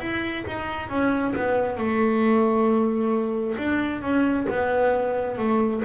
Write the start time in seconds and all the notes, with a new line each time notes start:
0.00 E4
0.47 D#4
0.89 C#4
1.35 B3
1.77 A3
3.58 D4
4.02 C#4
4.50 B3
5.38 A3